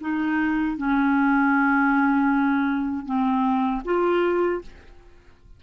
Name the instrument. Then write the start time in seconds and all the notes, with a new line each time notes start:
clarinet
0.00 D#4
0.77 C#4
3.05 C4
3.84 F4